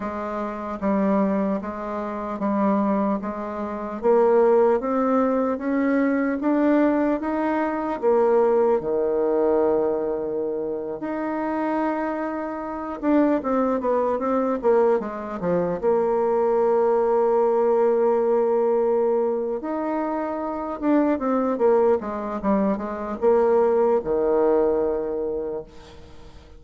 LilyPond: \new Staff \with { instrumentName = "bassoon" } { \time 4/4 \tempo 4 = 75 gis4 g4 gis4 g4 | gis4 ais4 c'4 cis'4 | d'4 dis'4 ais4 dis4~ | dis4.~ dis16 dis'2~ dis'16~ |
dis'16 d'8 c'8 b8 c'8 ais8 gis8 f8 ais16~ | ais1~ | ais8 dis'4. d'8 c'8 ais8 gis8 | g8 gis8 ais4 dis2 | }